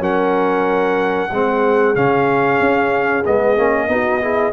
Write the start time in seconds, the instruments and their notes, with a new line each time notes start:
0.00 tuba F#3, trombone C#4, horn A#4, trumpet F#5
1.31 tuba G#3, trombone C4, horn G#4
1.95 tuba C#3, trombone C#4, trumpet F5
2.60 tuba C#4
3.25 tuba G#3, trombone B3, trumpet D#5
3.57 tuba A#3, trombone C#4
3.89 tuba B3, trombone D#4, horn F#4
4.21 trombone E4, horn G#4